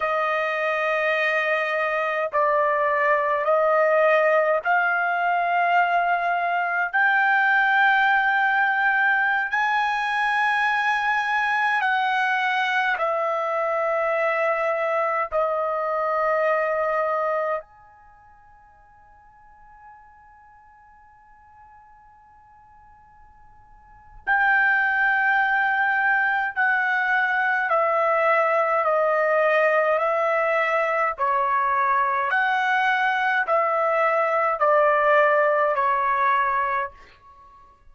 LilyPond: \new Staff \with { instrumentName = "trumpet" } { \time 4/4 \tempo 4 = 52 dis''2 d''4 dis''4 | f''2 g''2~ | g''16 gis''2 fis''4 e''8.~ | e''4~ e''16 dis''2 gis''8.~ |
gis''1~ | gis''4 g''2 fis''4 | e''4 dis''4 e''4 cis''4 | fis''4 e''4 d''4 cis''4 | }